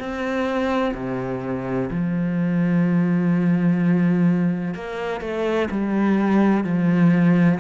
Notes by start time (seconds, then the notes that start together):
0.00 C4
0.95 C3
1.90 F3
4.75 A#3
5.21 A3
5.71 G3
6.65 F3